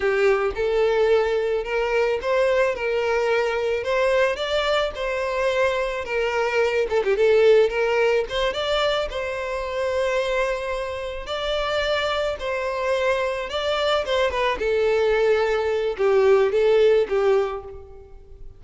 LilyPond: \new Staff \with { instrumentName = "violin" } { \time 4/4 \tempo 4 = 109 g'4 a'2 ais'4 | c''4 ais'2 c''4 | d''4 c''2 ais'4~ | ais'8 a'16 g'16 a'4 ais'4 c''8 d''8~ |
d''8 c''2.~ c''8~ | c''8 d''2 c''4.~ | c''8 d''4 c''8 b'8 a'4.~ | a'4 g'4 a'4 g'4 | }